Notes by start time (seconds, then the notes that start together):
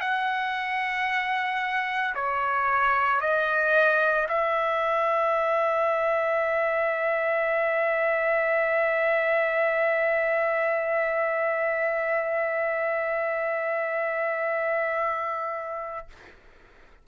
0.00 F#5
2.15 C#5
3.20 D#5
4.29 E5